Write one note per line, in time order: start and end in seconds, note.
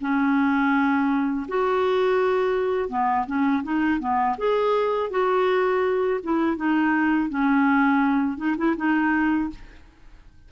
0.00 1.46 C#4
1.48 2.89 F#4
2.89 3.25 B3
3.26 3.63 C#4
3.63 3.99 D#4
3.99 4.36 B3
4.38 5.10 G#4
5.10 6.20 F#4
6.23 6.56 E4
6.56 7.29 D#4
7.29 8.37 C#4
8.37 8.55 D#4
8.57 8.76 E4
8.76 9.50 D#4